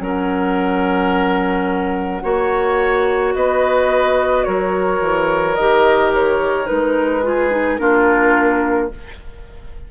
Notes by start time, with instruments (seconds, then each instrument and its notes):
0.00 bassoon F#3, clarinet C#4, oboe A#4, flute F#5
2.22 bassoon A#3, clarinet F#4, oboe C#5
3.34 bassoon B3, oboe B4, flute D#5
4.44 bassoon F#3, oboe A#4, flute C#5
5.00 bassoon E3
5.55 bassoon D#3, clarinet G4, flute D#5
6.13 flute C#5
6.66 bassoon G#3, clarinet D#4, flute B4
7.23 clarinet F4, oboe G#4
7.50 clarinet D#4
7.77 bassoon A#3, clarinet D4, oboe F4, flute A#4